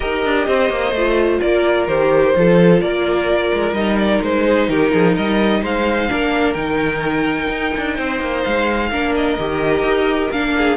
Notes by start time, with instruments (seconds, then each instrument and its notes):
0.00 cello D#4, viola G4, violin A#4 D#5
0.24 cello D4
0.46 cello C4, violin C5
0.69 cello A#3
0.92 cello A3, viola F4
1.40 cello A#3, violin A#4 D5
1.87 cello D#3, viola G4, violin C5
2.35 cello F3, viola F4, violin A4
2.81 cello A#3, violin A#4 D5
3.53 cello G#3
3.72 cello G3, viola D#4, violin D#5
3.98 violin D5
4.21 cello G#3, violin C5
4.45 violin G#4
4.68 cello D#3, violin G4 A#4
4.92 cello F3, violin G#4
5.13 cello G3, violin A#4 D#5
5.62 cello G#3, violin C5 F5
6.08 cello A#3, viola D4, violin A#4
6.53 cello D#3, viola D#4, violin G5
7.48 cello D#4
7.77 cello D4
7.96 cello C4, violin C5
8.20 cello A#3
8.44 cello G#3, violin F5
8.91 cello A#3, viola D4, violin A#4
9.15 violin D#5
9.38 cello D#3, viola G4
9.82 cello D#4
10.31 cello A#3, viola D4, violin F5
10.57 violin G#4